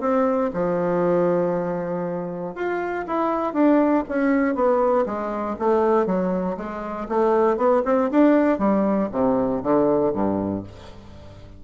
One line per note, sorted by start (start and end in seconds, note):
0.00 0.50 C4
0.53 2.55 F3
2.55 3.05 F4
3.07 3.53 E4
3.53 4.04 D4
4.08 4.55 C#4
4.55 5.05 B3
5.06 5.56 G#3
5.59 6.06 A3
6.06 6.56 F#3
6.57 7.07 G#3
7.08 7.57 A3
7.57 7.82 B3
7.85 8.10 C4
8.11 8.59 D4
8.59 9.09 G3
9.12 9.62 C3
9.63 10.13 D3
10.13 10.63 G2